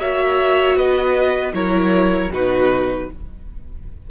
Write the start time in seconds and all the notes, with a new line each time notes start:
0.00 A#3 F#4 C#5 E5
0.76 B3 B4 D#5
1.53 F#3 E4 A#4 C#5
2.29 B2 D#4 F#4 B4